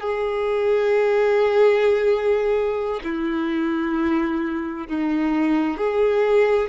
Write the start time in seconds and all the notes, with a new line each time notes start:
0.00 G#4
3.04 E4
4.88 D#4
5.77 G#4